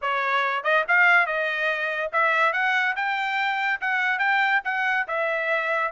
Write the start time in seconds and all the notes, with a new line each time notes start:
0.01 C#5
0.63 D#5
0.87 F5
1.26 D#5
2.12 E5
2.53 F#5
2.96 G5
3.80 F#5
4.19 G5
4.64 F#5
5.07 E5